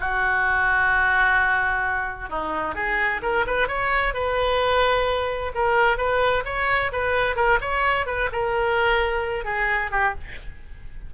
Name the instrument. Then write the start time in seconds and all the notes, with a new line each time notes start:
oboe
0.00 F#4
2.29 D#4
2.75 G#4
3.22 A#4
3.46 B4
3.68 C#5
4.13 B4
5.54 A#4
5.97 B4
6.45 C#5
6.92 B4
7.36 A#4
7.61 C#5
8.06 B4
8.32 A#4
9.44 G#4
9.91 G4